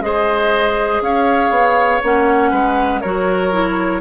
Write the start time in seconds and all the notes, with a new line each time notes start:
0.00 G#3 G#4 C5 D#5
1.01 C#4 C#5 F5
1.50 B3
2.02 A#3 C#4 F#5
2.51 G#3 B4
3.01 F#3 F#4 A#4 C#5
3.52 E4